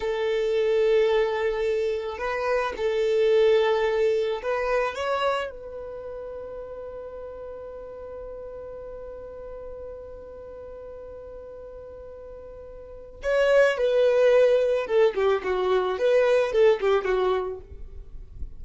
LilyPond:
\new Staff \with { instrumentName = "violin" } { \time 4/4 \tempo 4 = 109 a'1 | b'4 a'2. | b'4 cis''4 b'2~ | b'1~ |
b'1~ | b'1 | cis''4 b'2 a'8 g'8 | fis'4 b'4 a'8 g'8 fis'4 | }